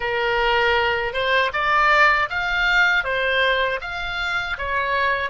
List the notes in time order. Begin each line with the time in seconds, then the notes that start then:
0.00 A#4
1.13 C5
1.53 D5
2.29 F5
3.04 C5
3.81 F5
4.58 C#5